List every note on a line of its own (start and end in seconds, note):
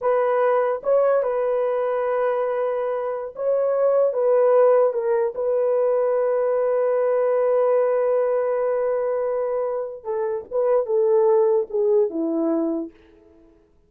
0.01 0.81 B4
0.83 1.22 C#5
1.22 3.34 B4
3.35 4.13 C#5
4.13 4.93 B4
4.93 5.33 A#4
5.34 10.04 B4
10.04 10.44 A4
10.51 10.86 B4
10.86 11.66 A4
11.69 12.10 G#4
12.10 12.90 E4